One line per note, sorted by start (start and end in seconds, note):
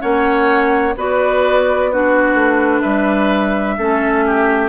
0.00 0.96 A#3
0.00 0.94 C#4
0.00 0.95 C#5
0.00 0.95 F#5
0.96 2.34 B3
0.96 1.91 F#4
0.96 1.91 B4
0.96 1.92 D5
1.91 3.79 D4
1.91 2.81 F#4
1.91 2.82 B4
2.34 2.81 A3
2.81 3.78 G3
2.81 3.75 B4
2.81 4.68 E5
3.78 4.68 A3
3.78 4.68 C#4
3.78 4.25 A4
4.26 4.68 G4